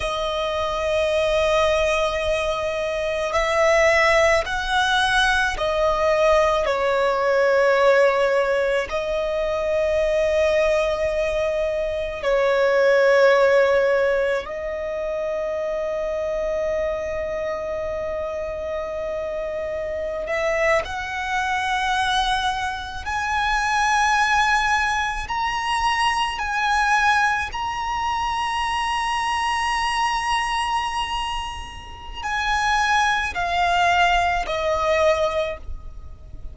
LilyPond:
\new Staff \with { instrumentName = "violin" } { \time 4/4 \tempo 4 = 54 dis''2. e''4 | fis''4 dis''4 cis''2 | dis''2. cis''4~ | cis''4 dis''2.~ |
dis''2~ dis''16 e''8 fis''4~ fis''16~ | fis''8. gis''2 ais''4 gis''16~ | gis''8. ais''2.~ ais''16~ | ais''4 gis''4 f''4 dis''4 | }